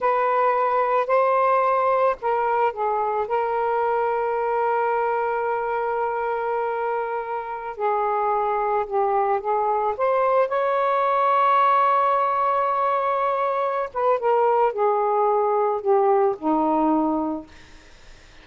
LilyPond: \new Staff \with { instrumentName = "saxophone" } { \time 4/4 \tempo 4 = 110 b'2 c''2 | ais'4 gis'4 ais'2~ | ais'1~ | ais'2~ ais'16 gis'4.~ gis'16~ |
gis'16 g'4 gis'4 c''4 cis''8.~ | cis''1~ | cis''4. b'8 ais'4 gis'4~ | gis'4 g'4 dis'2 | }